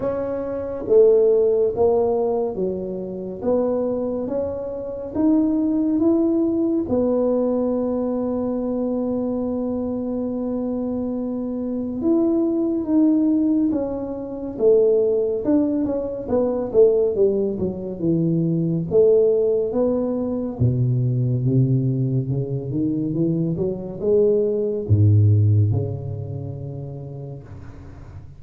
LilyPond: \new Staff \with { instrumentName = "tuba" } { \time 4/4 \tempo 4 = 70 cis'4 a4 ais4 fis4 | b4 cis'4 dis'4 e'4 | b1~ | b2 e'4 dis'4 |
cis'4 a4 d'8 cis'8 b8 a8 | g8 fis8 e4 a4 b4 | b,4 c4 cis8 dis8 e8 fis8 | gis4 gis,4 cis2 | }